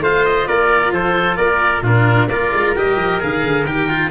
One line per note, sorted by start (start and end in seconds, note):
0.00 0.45 A3
0.00 1.83 F4
0.00 0.47 C5
0.00 0.25 F5
0.25 0.47 D#5
0.47 0.91 A#3
0.47 0.93 A#4
0.47 0.92 D5
0.91 1.36 F3
0.91 1.37 A4
0.91 1.36 C5
1.36 1.81 A#3
1.36 1.83 A#4
1.36 1.81 D5
1.81 2.27 A#2
1.81 2.29 D4
1.81 2.28 F4
1.81 2.28 A#4
2.27 2.50 A#3
2.27 2.76 F4
2.27 4.10 A#4
2.27 2.74 D5
2.53 2.75 G#3
2.76 2.96 G3
2.76 3.20 G4
2.76 3.21 D#5
2.96 3.18 F3
3.20 3.42 D#3
3.20 3.65 G#4
3.20 3.65 F5
3.42 3.64 D3
3.64 4.10 D#3
3.64 3.89 G4
3.64 4.10 G5
3.89 4.10 F4